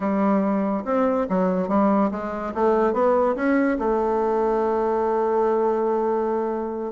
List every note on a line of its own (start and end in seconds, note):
0.00 0.84 G3
0.84 1.26 C4
1.29 1.68 F#3
1.68 2.10 G3
2.11 2.53 G#3
2.54 2.93 A3
2.93 3.35 B3
3.35 3.77 C#4
3.78 6.92 A3